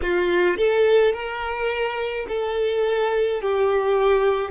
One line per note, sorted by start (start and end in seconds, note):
0.02 0.57 F4
0.57 1.13 A4
1.13 2.26 A#4
2.28 3.41 A4
3.41 4.50 G4